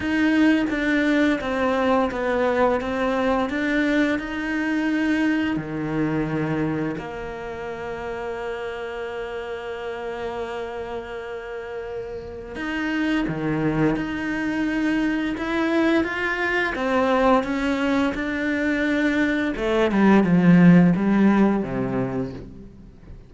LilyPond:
\new Staff \with { instrumentName = "cello" } { \time 4/4 \tempo 4 = 86 dis'4 d'4 c'4 b4 | c'4 d'4 dis'2 | dis2 ais2~ | ais1~ |
ais2 dis'4 dis4 | dis'2 e'4 f'4 | c'4 cis'4 d'2 | a8 g8 f4 g4 c4 | }